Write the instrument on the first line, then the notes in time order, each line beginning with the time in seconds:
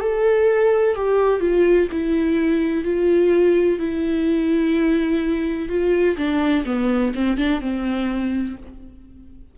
viola
0.00 A4
0.95 G4
1.40 F4
1.91 E4
2.84 F4
3.78 E4
5.69 F4
6.17 D4
6.65 B3
7.14 C4
7.37 D4
7.61 C4